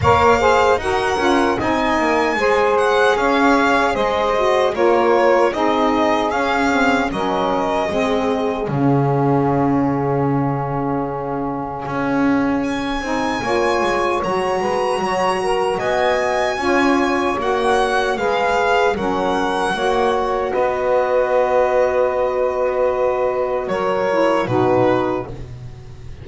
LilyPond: <<
  \new Staff \with { instrumentName = "violin" } { \time 4/4 \tempo 4 = 76 f''4 fis''4 gis''4. fis''8 | f''4 dis''4 cis''4 dis''4 | f''4 dis''2 f''4~ | f''1 |
gis''2 ais''2 | gis''2 fis''4 f''4 | fis''2 dis''2~ | dis''2 cis''4 b'4 | }
  \new Staff \with { instrumentName = "saxophone" } { \time 4/4 cis''8 c''8 ais'4 dis''4 c''4 | cis''4 c''4 ais'4 gis'4~ | gis'4 ais'4 gis'2~ | gis'1~ |
gis'4 cis''4. b'8 cis''8 ais'8 | dis''4 cis''2 b'4 | ais'4 cis''4 b'2~ | b'2 ais'4 fis'4 | }
  \new Staff \with { instrumentName = "saxophone" } { \time 4/4 ais'8 gis'8 fis'8 f'8 dis'4 gis'4~ | gis'4. fis'8 f'4 dis'4 | cis'8 c'8 cis'4 c'4 cis'4~ | cis'1~ |
cis'8 dis'8 f'4 fis'2~ | fis'4 f'4 fis'4 gis'4 | cis'4 fis'2.~ | fis'2~ fis'8 e'8 dis'4 | }
  \new Staff \with { instrumentName = "double bass" } { \time 4/4 ais4 dis'8 cis'8 c'8 ais8 gis4 | cis'4 gis4 ais4 c'4 | cis'4 fis4 gis4 cis4~ | cis2. cis'4~ |
cis'8 c'8 ais8 gis8 fis8 gis8 fis4 | b4 cis'4 ais4 gis4 | fis4 ais4 b2~ | b2 fis4 b,4 | }
>>